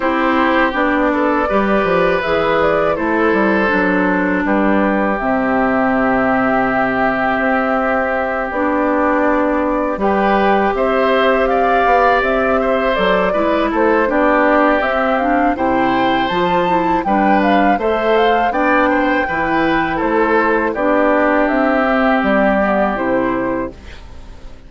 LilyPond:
<<
  \new Staff \with { instrumentName = "flute" } { \time 4/4 \tempo 4 = 81 c''4 d''2 e''8 d''8 | c''2 b'4 e''4~ | e''2.~ e''8 d''8~ | d''4. g''4 e''4 f''8~ |
f''8 e''4 d''4 c''8 d''4 | e''8 f''8 g''4 a''4 g''8 f''8 | e''8 f''8 g''2 c''4 | d''4 e''4 d''4 c''4 | }
  \new Staff \with { instrumentName = "oboe" } { \time 4/4 g'4. a'8 b'2 | a'2 g'2~ | g'1~ | g'4. b'4 c''4 d''8~ |
d''4 c''4 b'8 a'8 g'4~ | g'4 c''2 b'4 | c''4 d''8 c''8 b'4 a'4 | g'1 | }
  \new Staff \with { instrumentName = "clarinet" } { \time 4/4 e'4 d'4 g'4 gis'4 | e'4 d'2 c'4~ | c'2.~ c'8 d'8~ | d'4. g'2~ g'8~ |
g'4. a'8 e'4 d'4 | c'8 d'8 e'4 f'8 e'8 d'4 | a'4 d'4 e'2 | d'4. c'4 b8 e'4 | }
  \new Staff \with { instrumentName = "bassoon" } { \time 4/4 c'4 b4 g8 f8 e4 | a8 g8 fis4 g4 c4~ | c2 c'4. b8~ | b4. g4 c'4. |
b8 c'4 fis8 gis8 a8 b4 | c'4 c4 f4 g4 | a4 b4 e4 a4 | b4 c'4 g4 c4 | }
>>